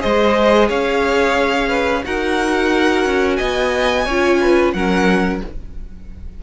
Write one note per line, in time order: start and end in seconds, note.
0.00 0.70 G#3
0.00 2.02 G#4
0.00 0.68 C5
0.00 0.69 D#5
0.68 2.05 C#4
0.68 1.69 C#5
0.68 2.05 F5
1.69 2.03 B4
2.04 3.05 D#4
2.04 4.06 F#4
2.04 3.38 A#4
2.04 3.36 F#5
3.05 3.39 C#4
3.36 4.07 B3
3.36 4.05 D#5
3.36 4.71 G#5
4.06 4.74 C#4
4.06 4.76 F4
4.06 4.39 C#5
4.41 4.75 B4
4.73 5.41 F#3
4.73 5.44 C#4
4.73 5.43 A#4
4.73 5.41 F#5